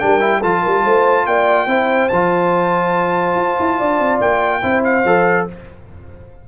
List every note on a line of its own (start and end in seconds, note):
0.00 0.44 G3
0.00 0.21 D4
0.00 0.40 A#4
0.00 0.42 G5
0.21 0.42 E4
0.40 0.65 F3
0.40 1.68 F4
0.40 0.61 A4
0.40 1.27 A5
0.63 0.85 G3
0.63 0.84 A#4
0.84 1.27 A3
0.84 1.26 C5
1.27 1.67 A#3
1.27 1.69 D5
1.27 2.09 G5
1.67 2.09 C4
1.67 2.10 E4
1.67 3.78 C5
2.09 3.36 F3
2.09 4.62 F4
2.09 4.19 A5
3.36 3.57 F4
3.60 3.81 E4
3.78 4.00 D4
3.78 4.62 D5
4.00 4.21 C4
4.21 4.63 A#3
4.21 4.84 G5
4.62 5.05 C4
4.62 5.04 E4
4.62 5.47 C5
4.85 5.47 F5
5.05 5.47 F3
5.05 5.49 A4